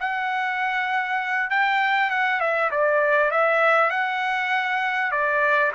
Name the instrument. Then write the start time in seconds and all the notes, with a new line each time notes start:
trumpet
0.00 F#5
1.50 G5
2.10 F#5
2.40 E5
2.71 D5
3.31 E5
3.90 F#5
5.12 D5